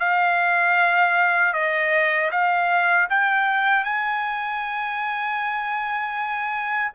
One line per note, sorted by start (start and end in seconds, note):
0.00 1.54 F5
1.54 2.31 D#5
2.31 3.08 F5
3.10 3.85 G5
3.85 6.93 G#5